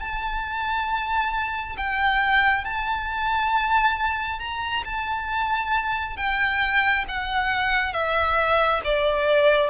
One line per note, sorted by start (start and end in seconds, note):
0.00 1.76 A5
1.77 2.65 G5
2.65 4.40 A5
4.40 4.84 A#5
4.85 6.17 A5
6.17 7.05 G5
7.08 7.93 F#5
7.93 8.82 E5
8.84 9.70 D5